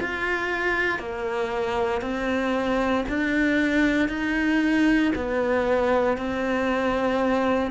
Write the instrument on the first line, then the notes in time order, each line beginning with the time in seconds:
cello
0.00 F4
0.99 A#3
2.02 C4
3.08 D4
4.09 D#4
5.15 B3
6.17 C4